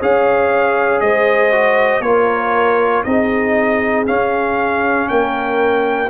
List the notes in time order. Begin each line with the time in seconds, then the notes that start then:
0.00 C#4 G#4 C#5 F5
1.00 G#3 C5 D#5
1.52 F#4
2.00 A#3 F4 A#4 C#5
3.03 C4 D#4 G#4 D#5
4.06 C#4 F5
5.09 A#3 A#4 G5